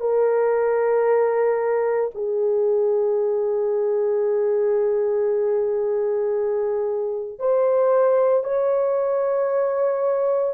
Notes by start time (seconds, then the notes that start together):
0.00 A#4
2.15 G#4
7.39 C5
8.44 C#5